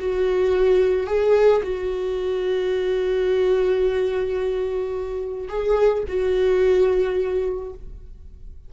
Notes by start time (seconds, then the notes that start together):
0.00 F#4
1.07 G#4
1.63 F#4
5.49 G#4
6.09 F#4